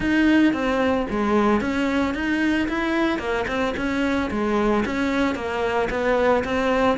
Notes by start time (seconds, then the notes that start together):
0.00 D#4
0.53 C4
1.10 G#3
1.60 C#4
2.14 D#4
2.68 E4
3.19 A#3
3.47 C4
3.76 C#4
4.30 G#3
4.85 C#4
5.35 A#3
5.90 B3
6.44 C4